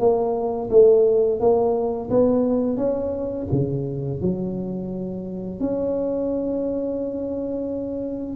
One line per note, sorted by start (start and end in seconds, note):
0.00 0.70 A#3
0.71 1.40 A3
1.40 2.10 A#3
2.10 2.77 B3
2.77 3.47 C#4
3.52 4.21 C#3
4.21 5.61 F#3
5.61 8.36 C#4